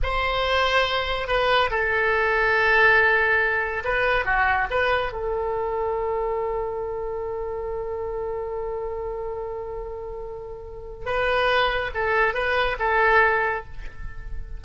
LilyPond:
\new Staff \with { instrumentName = "oboe" } { \time 4/4 \tempo 4 = 141 c''2. b'4 | a'1~ | a'4 b'4 fis'4 b'4 | a'1~ |
a'1~ | a'1~ | a'2 b'2 | a'4 b'4 a'2 | }